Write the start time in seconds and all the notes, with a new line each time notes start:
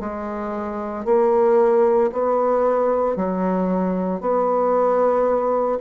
0.00 G#3
1.06 A#3
2.12 B3
3.17 F#3
4.21 B3